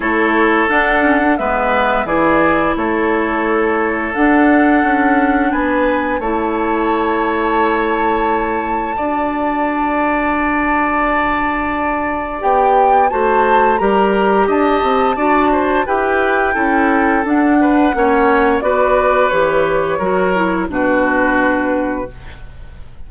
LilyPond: <<
  \new Staff \with { instrumentName = "flute" } { \time 4/4 \tempo 4 = 87 cis''4 fis''4 e''4 d''4 | cis''2 fis''2 | gis''4 a''2.~ | a''1~ |
a''2 g''4 a''4 | ais''4 a''2 g''4~ | g''4 fis''2 d''4 | cis''2 b'2 | }
  \new Staff \with { instrumentName = "oboe" } { \time 4/4 a'2 b'4 gis'4 | a'1 | b'4 cis''2.~ | cis''4 d''2.~ |
d''2. c''4 | ais'4 dis''4 d''8 c''8 b'4 | a'4. b'8 cis''4 b'4~ | b'4 ais'4 fis'2 | }
  \new Staff \with { instrumentName = "clarinet" } { \time 4/4 e'4 d'8 cis'16 d'16 b4 e'4~ | e'2 d'2~ | d'4 e'2.~ | e'4 fis'2.~ |
fis'2 g'4 fis'4 | g'2 fis'4 g'4 | e'4 d'4 cis'4 fis'4 | g'4 fis'8 e'8 d'2 | }
  \new Staff \with { instrumentName = "bassoon" } { \time 4/4 a4 d'4 gis4 e4 | a2 d'4 cis'4 | b4 a2.~ | a4 d'2.~ |
d'2 b4 a4 | g4 d'8 c'8 d'4 e'4 | cis'4 d'4 ais4 b4 | e4 fis4 b,2 | }
>>